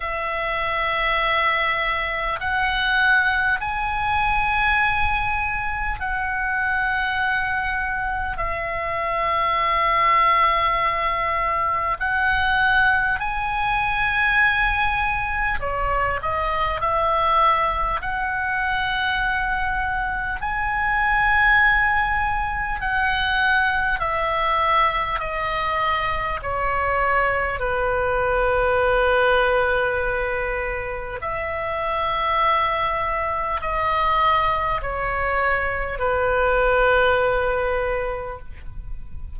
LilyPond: \new Staff \with { instrumentName = "oboe" } { \time 4/4 \tempo 4 = 50 e''2 fis''4 gis''4~ | gis''4 fis''2 e''4~ | e''2 fis''4 gis''4~ | gis''4 cis''8 dis''8 e''4 fis''4~ |
fis''4 gis''2 fis''4 | e''4 dis''4 cis''4 b'4~ | b'2 e''2 | dis''4 cis''4 b'2 | }